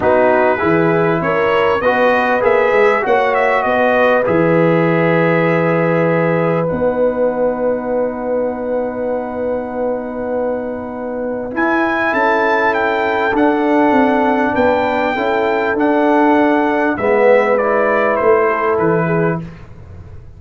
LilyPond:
<<
  \new Staff \with { instrumentName = "trumpet" } { \time 4/4 \tempo 4 = 99 b'2 cis''4 dis''4 | e''4 fis''8 e''8 dis''4 e''4~ | e''2. fis''4~ | fis''1~ |
fis''2. gis''4 | a''4 g''4 fis''2 | g''2 fis''2 | e''4 d''4 c''4 b'4 | }
  \new Staff \with { instrumentName = "horn" } { \time 4/4 fis'4 gis'4 ais'4 b'4~ | b'4 cis''4 b'2~ | b'1~ | b'1~ |
b'1 | a'1 | b'4 a'2. | b'2~ b'8 a'4 gis'8 | }
  \new Staff \with { instrumentName = "trombone" } { \time 4/4 dis'4 e'2 fis'4 | gis'4 fis'2 gis'4~ | gis'2. dis'4~ | dis'1~ |
dis'2. e'4~ | e'2 d'2~ | d'4 e'4 d'2 | b4 e'2. | }
  \new Staff \with { instrumentName = "tuba" } { \time 4/4 b4 e4 cis'4 b4 | ais8 gis8 ais4 b4 e4~ | e2. b4~ | b1~ |
b2. e'4 | cis'2 d'4 c'4 | b4 cis'4 d'2 | gis2 a4 e4 | }
>>